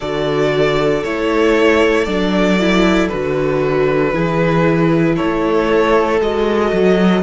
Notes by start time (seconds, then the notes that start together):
0.00 D3 F#4 A4 D5
1.03 A3 E4 C#5
2.04 F#3 D4 D5
2.59 E4
3.08 D3 F#4 B4
4.13 E3 E4 G#4
5.16 A3 A4 C#5
6.20 G#3 F#4 D#5
6.72 F#3